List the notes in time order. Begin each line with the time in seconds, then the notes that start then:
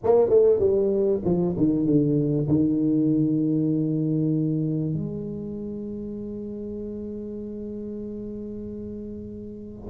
0.03 A#3
0.29 A3
0.59 G3
1.24 F3
1.57 D#3
1.86 D3
2.47 D#3
4.93 G#3